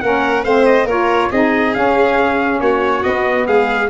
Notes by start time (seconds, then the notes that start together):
0.00 A#3 C#4 A#4 F#5
0.44 A3 C4 C5 F5
0.66 D#5
0.85 A#3 F4 A#4 C#5
1.31 C4 D#4 G#4 D#5
1.74 C#4 F5
2.61 A#3 F#4 C#5
3.02 B3 D#5
3.47 G#3 G#4 F5